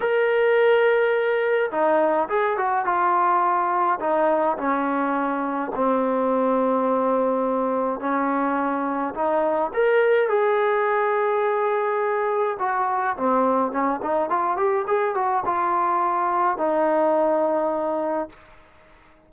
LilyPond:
\new Staff \with { instrumentName = "trombone" } { \time 4/4 \tempo 4 = 105 ais'2. dis'4 | gis'8 fis'8 f'2 dis'4 | cis'2 c'2~ | c'2 cis'2 |
dis'4 ais'4 gis'2~ | gis'2 fis'4 c'4 | cis'8 dis'8 f'8 g'8 gis'8 fis'8 f'4~ | f'4 dis'2. | }